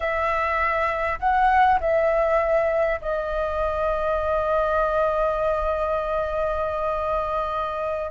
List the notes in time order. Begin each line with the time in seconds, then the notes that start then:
0.00 E5
1.19 F#5
1.80 E5
3.01 D#5